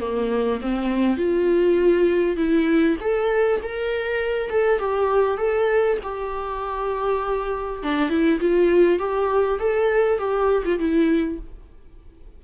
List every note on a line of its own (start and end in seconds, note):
0.00 0.60 A#3
0.61 1.17 C4
1.17 2.36 F4
2.36 2.96 E4
3.01 3.61 A4
3.62 4.49 A#4
4.49 4.79 A4
4.79 5.37 G4
5.37 5.97 A4
6.03 7.83 G4
7.83 8.09 D4
8.09 8.39 E4
8.40 8.99 F4
8.99 9.59 G4
9.59 10.18 A4
10.18 10.63 G4
10.65 10.79 F4
10.79 11.39 E4